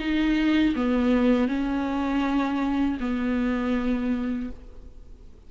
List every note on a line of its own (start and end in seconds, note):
0.00 0.75 D#4
0.76 1.48 B3
1.48 2.98 C#4
3.00 4.50 B3